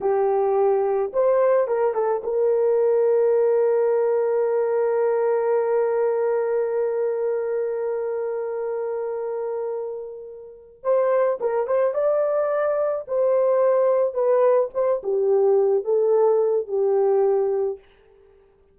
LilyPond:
\new Staff \with { instrumentName = "horn" } { \time 4/4 \tempo 4 = 108 g'2 c''4 ais'8 a'8 | ais'1~ | ais'1~ | ais'1~ |
ais'2.~ ais'8 c''8~ | c''8 ais'8 c''8 d''2 c''8~ | c''4. b'4 c''8 g'4~ | g'8 a'4. g'2 | }